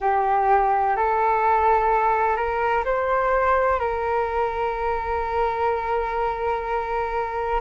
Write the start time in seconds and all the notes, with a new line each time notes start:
0.00 G4
0.96 A4
2.36 A#4
2.84 C5
3.79 A#4